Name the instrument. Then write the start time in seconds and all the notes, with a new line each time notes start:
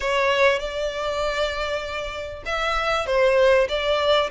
violin
0.00 C#5
0.59 D5
2.45 E5
3.06 C5
3.68 D5